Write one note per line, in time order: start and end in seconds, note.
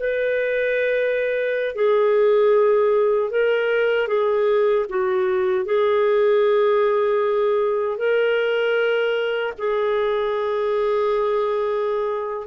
0.00 1.75 B4
1.75 3.31 G#4
3.31 4.08 A#4
4.08 4.86 G#4
4.89 5.65 F#4
5.65 7.98 G#4
7.98 9.53 A#4
9.58 12.47 G#4